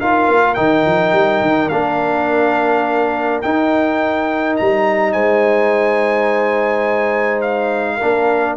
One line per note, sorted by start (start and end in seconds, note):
0.00 0.29 D#4
0.00 0.56 F4
0.00 5.13 A#4
0.00 0.55 F5
0.29 0.57 A#3
0.55 0.86 D#3
0.55 1.70 D#4
0.55 1.69 G5
0.86 1.12 F3
1.12 1.41 G3
1.41 1.70 D#3
1.69 3.42 A#3
1.69 3.43 D4
1.69 3.40 F5
3.42 8.01 D#4
3.42 4.59 D#4
3.42 4.56 G5
4.56 5.15 G3
4.56 5.12 A#5
5.12 8.00 G#3
5.12 7.96 C5
5.12 7.41 G#5
7.41 8.56 F5
7.96 8.57 D4
7.96 8.54 A#4
8.02 8.57 A#3